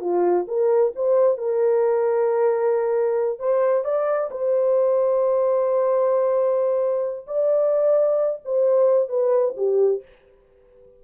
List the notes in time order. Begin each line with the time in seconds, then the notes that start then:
0.00 F4
0.47 A#4
0.95 C5
1.37 A#4
3.39 C5
3.84 D5
4.30 C5
7.26 D5
8.44 C5
9.08 B4
9.56 G4